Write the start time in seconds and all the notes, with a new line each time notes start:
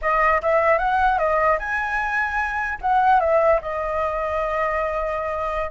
0.01 D#5
0.41 E5
0.78 F#5
1.18 D#5
1.59 G#5
2.81 F#5
3.19 E5
3.61 D#5